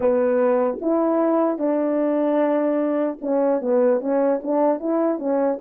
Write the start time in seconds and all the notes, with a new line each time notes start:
0.00 B3
0.81 E4
1.58 D4
3.21 C#4
3.61 B3
4.00 C#4
4.42 D4
4.79 E4
5.18 C#4